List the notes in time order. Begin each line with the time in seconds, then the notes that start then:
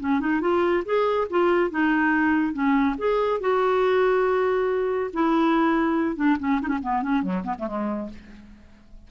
0.00 C#4
0.21 D#4
0.41 F4
0.85 G#4
1.31 F4
1.71 D#4
2.54 C#4
2.98 G#4
3.41 F#4
5.14 E4
6.16 D4
6.40 C#4
6.62 D#4
6.68 C#4
6.83 B3
7.03 C#4
7.23 F#3
7.44 B3
7.59 A3
7.68 G#3